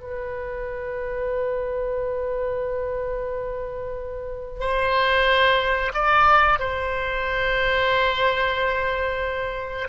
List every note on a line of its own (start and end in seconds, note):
0.00 4.60 B4
4.60 5.92 C5
5.93 6.59 D5
6.59 9.88 C5